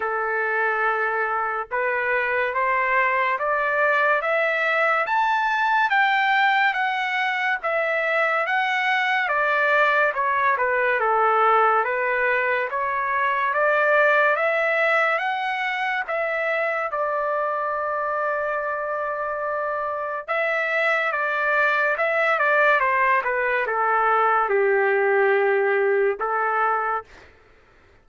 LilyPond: \new Staff \with { instrumentName = "trumpet" } { \time 4/4 \tempo 4 = 71 a'2 b'4 c''4 | d''4 e''4 a''4 g''4 | fis''4 e''4 fis''4 d''4 | cis''8 b'8 a'4 b'4 cis''4 |
d''4 e''4 fis''4 e''4 | d''1 | e''4 d''4 e''8 d''8 c''8 b'8 | a'4 g'2 a'4 | }